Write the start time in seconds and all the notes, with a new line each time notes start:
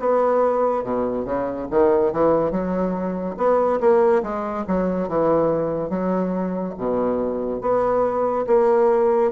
0.00 B3
0.84 B2
1.25 C#3
1.71 D#3
2.13 E3
2.52 F#3
3.38 B3
3.81 A#3
4.23 G#3
4.68 F#3
5.09 E3
5.90 F#3
6.78 B2
7.61 B3
8.47 A#3